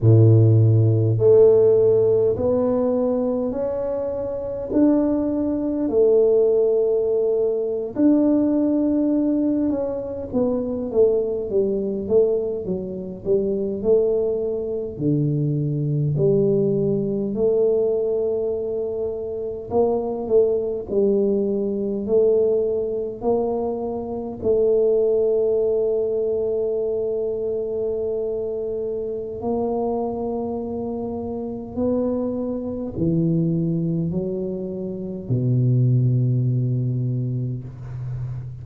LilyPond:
\new Staff \with { instrumentName = "tuba" } { \time 4/4 \tempo 4 = 51 a,4 a4 b4 cis'4 | d'4 a4.~ a16 d'4~ d'16~ | d'16 cis'8 b8 a8 g8 a8 fis8 g8 a16~ | a8. d4 g4 a4~ a16~ |
a8. ais8 a8 g4 a4 ais16~ | ais8. a2.~ a16~ | a4 ais2 b4 | e4 fis4 b,2 | }